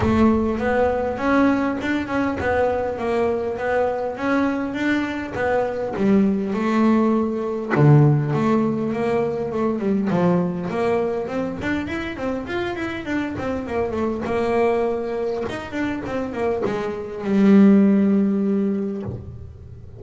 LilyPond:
\new Staff \with { instrumentName = "double bass" } { \time 4/4 \tempo 4 = 101 a4 b4 cis'4 d'8 cis'8 | b4 ais4 b4 cis'4 | d'4 b4 g4 a4~ | a4 d4 a4 ais4 |
a8 g8 f4 ais4 c'8 d'8 | e'8 c'8 f'8 e'8 d'8 c'8 ais8 a8 | ais2 dis'8 d'8 c'8 ais8 | gis4 g2. | }